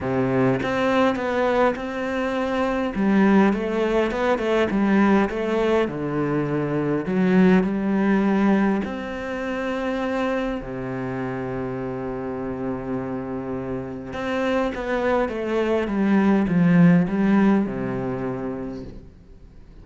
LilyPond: \new Staff \with { instrumentName = "cello" } { \time 4/4 \tempo 4 = 102 c4 c'4 b4 c'4~ | c'4 g4 a4 b8 a8 | g4 a4 d2 | fis4 g2 c'4~ |
c'2 c2~ | c1 | c'4 b4 a4 g4 | f4 g4 c2 | }